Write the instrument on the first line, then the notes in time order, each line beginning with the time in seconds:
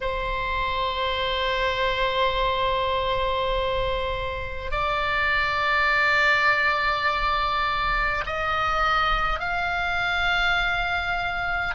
oboe
0.00 C5
4.71 D5
8.26 D#5
9.39 F5